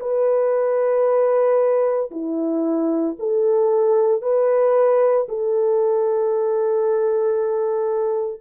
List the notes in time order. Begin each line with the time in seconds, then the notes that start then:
0.00 B4
2.11 E4
3.19 A4
4.22 B4
5.29 A4